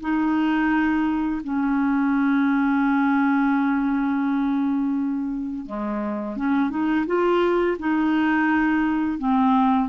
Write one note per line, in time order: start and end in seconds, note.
0.00 1.41 D#4
1.43 5.66 C#4
5.66 6.36 G#3
6.36 6.70 C#4
6.70 7.05 D#4
7.06 7.77 F4
7.78 9.18 D#4
9.18 9.89 C4